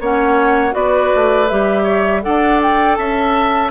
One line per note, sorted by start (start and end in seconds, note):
0.00 0.74 A#3
0.00 0.71 C#4
0.00 0.74 C#5
0.00 0.74 F#5
0.71 1.11 B3
0.71 1.45 F#4
0.71 1.83 B4
0.71 1.48 D5
1.15 1.51 A3
1.48 2.24 G3
1.48 2.22 G4
1.48 2.22 E5
1.83 2.20 C#5
2.22 2.98 D4
2.22 3.70 A4
2.22 2.98 D5
2.22 2.60 F#5
2.62 2.95 G5
2.95 3.71 C#4
2.95 3.71 E5
2.95 3.69 A5